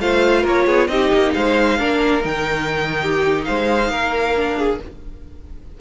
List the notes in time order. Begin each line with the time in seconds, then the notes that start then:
0.00 A3 F4 C5 F5
0.42 A#3 A#4 C#5
0.66 B3 G#4
0.88 C4 D#4 G4 D#5
1.13 A#3
1.34 G#3 C5 F5
1.78 A#3 D4 A#4
2.21 D#3 D#4 G5
3.02 G4
3.44 G#3 C5 F5
3.90 A#3 A#4
4.36 D4
4.57 G#4